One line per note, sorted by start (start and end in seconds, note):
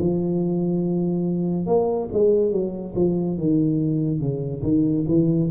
0.00 1.67 F3
1.67 2.09 A#3
2.13 2.52 G#3
2.52 2.94 F#3
2.95 3.38 F3
3.38 4.21 D#3
4.21 4.63 C#3
4.63 5.06 D#3
5.08 5.50 E3